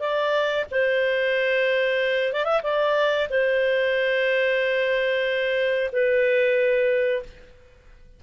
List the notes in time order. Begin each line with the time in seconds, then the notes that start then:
0.00 D5
0.71 C5
2.33 D5
2.45 E5
2.64 D5
3.30 C5
5.93 B4